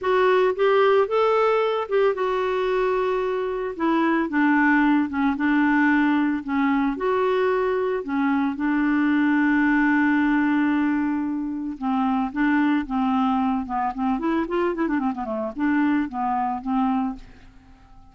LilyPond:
\new Staff \with { instrumentName = "clarinet" } { \time 4/4 \tempo 4 = 112 fis'4 g'4 a'4. g'8 | fis'2. e'4 | d'4. cis'8 d'2 | cis'4 fis'2 cis'4 |
d'1~ | d'2 c'4 d'4 | c'4. b8 c'8 e'8 f'8 e'16 d'16 | c'16 b16 a8 d'4 b4 c'4 | }